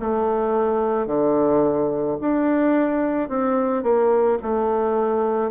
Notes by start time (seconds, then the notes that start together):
0.00 A3
1.07 D3
2.21 D4
3.29 C4
3.83 A#3
4.42 A3